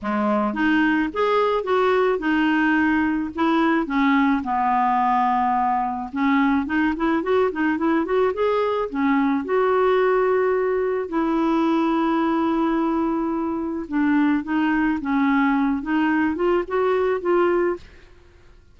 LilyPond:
\new Staff \with { instrumentName = "clarinet" } { \time 4/4 \tempo 4 = 108 gis4 dis'4 gis'4 fis'4 | dis'2 e'4 cis'4 | b2. cis'4 | dis'8 e'8 fis'8 dis'8 e'8 fis'8 gis'4 |
cis'4 fis'2. | e'1~ | e'4 d'4 dis'4 cis'4~ | cis'8 dis'4 f'8 fis'4 f'4 | }